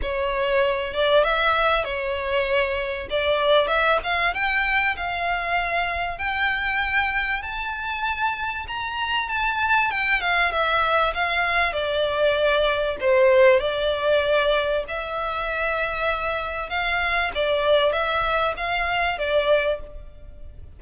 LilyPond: \new Staff \with { instrumentName = "violin" } { \time 4/4 \tempo 4 = 97 cis''4. d''8 e''4 cis''4~ | cis''4 d''4 e''8 f''8 g''4 | f''2 g''2 | a''2 ais''4 a''4 |
g''8 f''8 e''4 f''4 d''4~ | d''4 c''4 d''2 | e''2. f''4 | d''4 e''4 f''4 d''4 | }